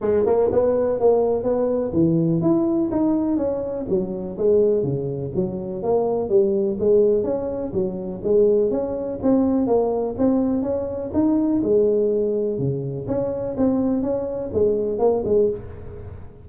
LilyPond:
\new Staff \with { instrumentName = "tuba" } { \time 4/4 \tempo 4 = 124 gis8 ais8 b4 ais4 b4 | e4 e'4 dis'4 cis'4 | fis4 gis4 cis4 fis4 | ais4 g4 gis4 cis'4 |
fis4 gis4 cis'4 c'4 | ais4 c'4 cis'4 dis'4 | gis2 cis4 cis'4 | c'4 cis'4 gis4 ais8 gis8 | }